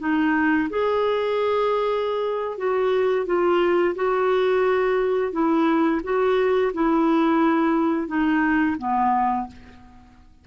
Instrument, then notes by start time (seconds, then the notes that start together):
clarinet
0.00 D#4
0.70 G#4
2.58 F#4
3.26 F4
3.96 F#4
5.33 E4
6.04 F#4
6.74 E4
8.08 D#4
8.78 B3